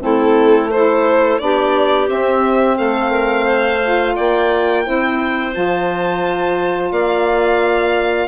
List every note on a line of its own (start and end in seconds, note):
0.00 1.39 A3
0.00 0.69 C4
0.00 0.72 E4
0.00 0.71 A4
0.71 1.39 E4
0.71 1.42 A4
0.71 1.39 C5
1.39 2.09 B3
1.39 2.07 D4
1.39 2.77 G4
1.39 2.07 D5
2.07 3.79 C4
2.07 2.78 C4
2.07 2.78 E5
2.77 4.17 A3
2.77 3.11 A4
2.77 4.16 F5
3.11 3.45 A#4
3.45 4.14 C5
3.83 4.83 F4
4.15 4.87 A#3
4.15 4.84 D5
4.15 5.53 G5
4.83 5.56 C4
4.83 5.52 E4
4.83 6.92 C5
5.52 6.91 F3
5.52 8.28 F4
5.52 6.92 A5
6.91 8.28 A#3
6.91 8.28 D5
6.91 8.28 F5